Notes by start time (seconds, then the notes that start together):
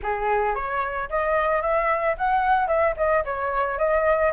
0.02 G#4
0.55 C#5
1.09 D#5
1.61 E5
2.17 F#5
2.67 E5
2.97 D#5
3.24 C#5
3.78 D#5